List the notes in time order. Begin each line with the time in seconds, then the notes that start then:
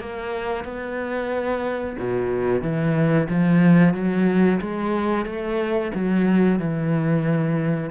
0.00 A#3
0.64 B3
1.99 B2
2.62 E3
3.29 F3
3.94 F#3
4.61 G#3
5.26 A3
5.95 F#3
6.59 E3